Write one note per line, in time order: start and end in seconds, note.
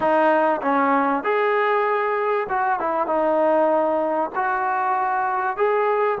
0.00 0.60 D#4
0.61 1.23 C#4
1.23 2.47 G#4
2.49 2.79 F#4
2.79 3.06 E4
3.06 4.30 D#4
4.35 5.56 F#4
5.56 6.18 G#4